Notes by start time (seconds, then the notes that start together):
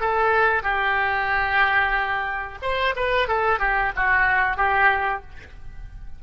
0.00 A4
0.63 G4
2.62 C5
2.96 B4
3.28 A4
3.59 G4
3.96 F#4
4.57 G4